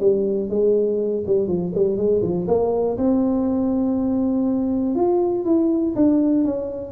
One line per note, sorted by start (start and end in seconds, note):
0.00 0.49 G3
0.49 1.24 G#3
1.26 1.47 G3
1.47 1.72 F3
1.74 1.97 G3
1.97 2.21 G#3
2.22 2.47 F3
2.47 2.97 A#3
2.98 4.95 C4
4.95 5.45 F4
5.45 5.94 E4
5.95 6.44 D4
6.44 6.92 C#4